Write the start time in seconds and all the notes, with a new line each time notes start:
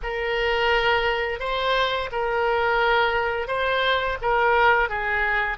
0.03 A#4
1.39 C5
2.11 A#4
3.47 C5
4.21 A#4
4.89 G#4